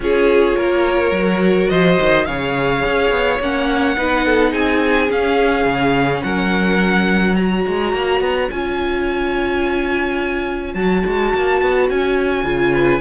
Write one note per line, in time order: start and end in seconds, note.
0.00 0.54 C#4
0.00 1.14 F4
0.00 0.57 G#4
0.00 1.69 C#5
0.56 1.11 A#3
0.56 1.69 A#4
1.11 1.68 F#3
1.11 2.27 F#4
1.69 1.98 F3
1.69 2.26 C5
1.69 2.25 D#5
1.99 2.27 D#3
2.25 2.84 C#3
2.25 3.40 G#4
2.25 3.96 C#5
2.25 3.39 F5
2.85 3.10 C#4
3.10 3.39 B3
3.39 3.96 A#3
3.39 3.96 C#4
3.39 4.53 F#5
3.96 4.53 B3
3.96 5.08 D#4
3.96 4.25 B4
4.25 4.52 A4
4.52 5.09 C4
4.52 6.22 G#4
4.52 5.10 G#5
5.08 7.34 C#4
5.08 5.65 C#4
5.08 6.22 F5
5.65 6.21 C#3
6.22 7.66 F#3
6.22 7.37 A#4
6.22 7.35 F#5
7.35 8.51 F#4
7.35 12.72 C#5
7.35 8.48 A#5
7.67 7.93 G#3
7.93 8.20 A#3
8.20 8.48 B3
8.50 10.74 C#4
8.50 10.76 F4
8.50 10.73 G#5
10.73 11.02 F#3
10.73 12.45 F#4
10.73 11.87 A5
11.05 11.34 G#3
11.34 11.61 A#3
11.61 11.90 B3
11.89 12.43 C#4
11.89 13.01 G#5
12.43 13.00 C#3
12.43 13.01 F4
12.72 13.01 B4